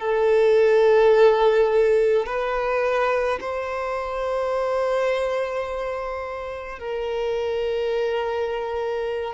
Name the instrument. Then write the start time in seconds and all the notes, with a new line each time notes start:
violin
0.00 A4
2.26 B4
3.41 C5
6.80 A#4